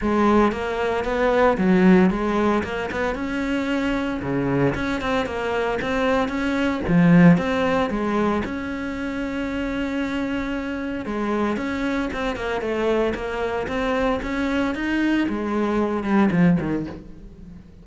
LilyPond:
\new Staff \with { instrumentName = "cello" } { \time 4/4 \tempo 4 = 114 gis4 ais4 b4 fis4 | gis4 ais8 b8 cis'2 | cis4 cis'8 c'8 ais4 c'4 | cis'4 f4 c'4 gis4 |
cis'1~ | cis'4 gis4 cis'4 c'8 ais8 | a4 ais4 c'4 cis'4 | dis'4 gis4. g8 f8 dis8 | }